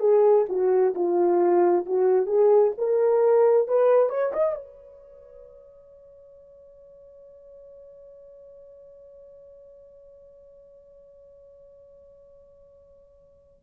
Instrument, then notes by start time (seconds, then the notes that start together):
horn
0.00 G#4
0.49 F#4
0.95 F4
1.86 F#4
2.26 G#4
2.78 A#4
3.68 B4
4.10 C#5
4.33 D#5
4.55 C#5